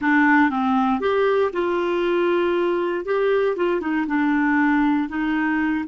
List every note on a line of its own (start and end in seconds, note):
0.01 0.49 D4
0.49 1.00 C4
1.00 1.51 G4
1.52 3.05 F4
3.05 3.56 G4
3.56 3.80 F4
3.80 4.06 D#4
4.07 5.08 D4
5.08 5.85 D#4